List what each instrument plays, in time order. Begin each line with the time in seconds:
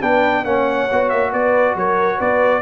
0.00 tuba B3, trombone D4, horn B4, trumpet G5
0.44 tuba A#3, trombone C#4, horn C#5, trumpet F#5
0.92 tuba B3, trombone F#4
1.09 tuba A#3, trumpet E5
1.32 tuba B3, horn B4, trumpet D5
1.75 tuba F#3, horn A#4, trumpet C#5
2.18 tuba B3, horn B4, trumpet D5